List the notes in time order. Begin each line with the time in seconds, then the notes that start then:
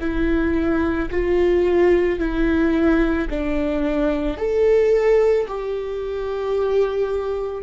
0.00 E4
1.11 F4
2.19 E4
3.30 D4
4.38 A4
5.47 G4